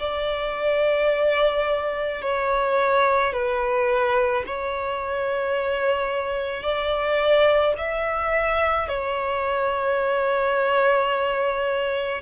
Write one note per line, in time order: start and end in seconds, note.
0.00 2.22 D5
2.22 3.33 C#5
3.33 4.44 B4
4.46 6.63 C#5
6.63 7.74 D5
7.78 8.89 E5
8.89 12.22 C#5